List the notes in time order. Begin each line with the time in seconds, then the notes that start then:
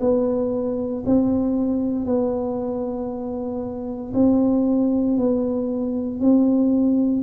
0.00 B3
1.06 C4
2.05 B3
4.14 C4
5.17 B3
6.20 C4